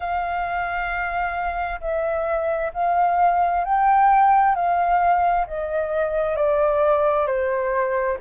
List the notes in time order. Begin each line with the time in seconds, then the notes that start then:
0.00 F5
1.81 E5
2.73 F5
3.64 G5
4.55 F5
5.46 D#5
6.36 D5
7.26 C5